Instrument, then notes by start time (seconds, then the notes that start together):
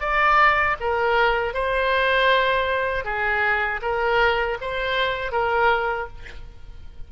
oboe
0.00 D5
0.80 A#4
1.54 C5
3.04 G#4
3.82 A#4
4.61 C5
5.32 A#4